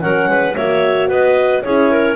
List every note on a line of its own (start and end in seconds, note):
0.00 0.28 F#3
0.00 0.54 C#4
0.00 0.29 A#4
0.00 0.55 F#5
0.28 0.55 G#3
0.28 0.56 B4
0.55 1.09 A#3
0.55 1.65 F#4
0.55 1.08 C#5
0.55 1.09 E5
1.08 1.63 B3
1.08 1.62 B4
1.08 1.62 D#5
1.62 2.15 C#4
1.62 2.15 E4
1.62 1.90 G#4
1.62 2.15 C#5
1.90 2.15 A#4